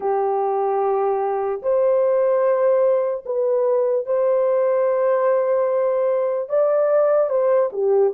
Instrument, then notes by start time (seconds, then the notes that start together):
horn
0.00 G4
1.62 C5
3.25 B4
4.05 C5
6.49 D5
7.29 C5
7.72 G4